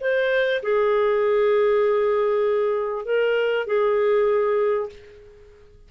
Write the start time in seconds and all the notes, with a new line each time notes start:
0.00 C5
0.62 G#4
3.05 A#4
3.66 G#4